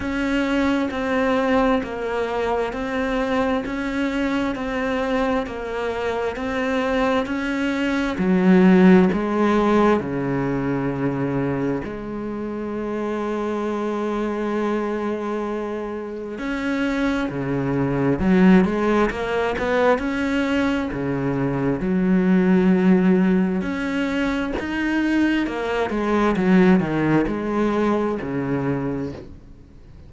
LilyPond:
\new Staff \with { instrumentName = "cello" } { \time 4/4 \tempo 4 = 66 cis'4 c'4 ais4 c'4 | cis'4 c'4 ais4 c'4 | cis'4 fis4 gis4 cis4~ | cis4 gis2.~ |
gis2 cis'4 cis4 | fis8 gis8 ais8 b8 cis'4 cis4 | fis2 cis'4 dis'4 | ais8 gis8 fis8 dis8 gis4 cis4 | }